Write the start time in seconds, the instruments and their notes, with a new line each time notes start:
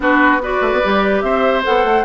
0.00 bassoon B3, clarinet D4, oboe F#4, flute B4
0.42 clarinet F#4, oboe B4, flute D5
0.61 bassoon A3
0.72 bassoon B3
0.82 bassoon G3, clarinet G4
1.21 bassoon C4, oboe C5, flute E5
1.63 bassoon B3, clarinet A4, flute F#5
1.84 bassoon A3